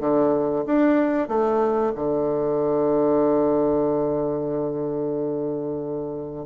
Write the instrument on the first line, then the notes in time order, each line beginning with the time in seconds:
bassoon
0.00 D3
0.66 D4
1.28 A3
1.96 D3